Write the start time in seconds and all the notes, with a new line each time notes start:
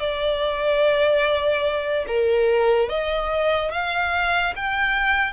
0.00 D5
2.08 A#4
2.89 D#5
3.72 F5
4.56 G5